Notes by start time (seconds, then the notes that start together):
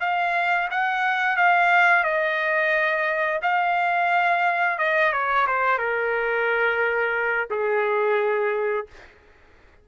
0.00 F5
0.71 F#5
1.36 F5
2.04 D#5
3.42 F5
4.78 D#5
5.12 C#5
5.47 C5
5.78 A#4
7.50 G#4